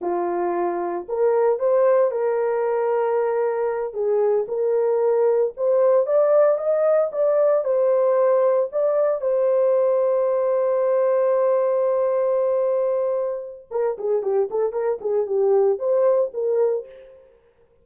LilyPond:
\new Staff \with { instrumentName = "horn" } { \time 4/4 \tempo 4 = 114 f'2 ais'4 c''4 | ais'2.~ ais'8 gis'8~ | gis'8 ais'2 c''4 d''8~ | d''8 dis''4 d''4 c''4.~ |
c''8 d''4 c''2~ c''8~ | c''1~ | c''2 ais'8 gis'8 g'8 a'8 | ais'8 gis'8 g'4 c''4 ais'4 | }